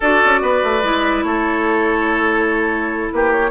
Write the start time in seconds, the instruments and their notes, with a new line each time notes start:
0.00 bassoon D4, clarinet F#4, oboe A4, flute D5
0.24 bassoon C#4
0.41 bassoon B3, oboe B4
0.63 bassoon A3
0.83 bassoon G#3, clarinet E4
1.23 bassoon A3, oboe A4, flute C#5
3.12 bassoon A#3, oboe G4, flute B4
3.32 flute C#5